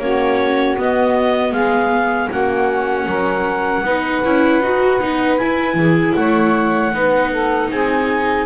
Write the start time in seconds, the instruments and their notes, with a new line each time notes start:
0.00 double bass A#3, viola C#4, saxophone F#4, clarinet C#5
0.78 viola B3, double bass B3, clarinet D#5
1.52 double bass G#3, saxophone G#4, clarinet F5
2.30 double bass A#3, viola C#4, saxophone F#4, clarinet F#5
3.07 double bass F#3, saxophone A#4
3.81 double bass B3, viola D#4, saxophone B4
4.25 double bass C#4, viola E4
4.62 double bass D#4, viola F#4
5.00 double bass B3, viola D#4
5.38 viola E4, double bass E4, clarinet G#5
5.75 double bass E3, saxophone G#4
6.16 double bass A3, saxophone C#5, clarinet F#5
6.93 double bass B3, viola D#4, saxophone B4
7.32 saxophone A4
7.71 double bass C4, saxophone G#4, clarinet G#5